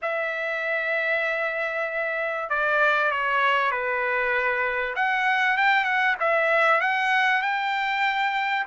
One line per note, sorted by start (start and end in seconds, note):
0.02 2.49 E5
2.49 3.11 D5
3.11 3.71 C#5
3.71 4.94 B4
4.95 5.57 F#5
5.57 5.84 G5
5.84 6.15 F#5
6.19 6.80 E5
6.80 7.41 F#5
7.41 8.65 G5